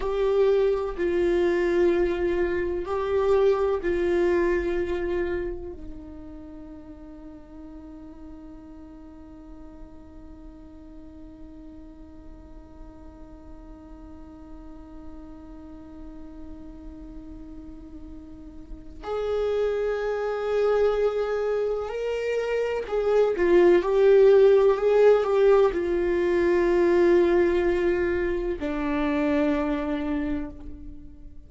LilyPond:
\new Staff \with { instrumentName = "viola" } { \time 4/4 \tempo 4 = 63 g'4 f'2 g'4 | f'2 dis'2~ | dis'1~ | dis'1~ |
dis'1 | gis'2. ais'4 | gis'8 f'8 g'4 gis'8 g'8 f'4~ | f'2 d'2 | }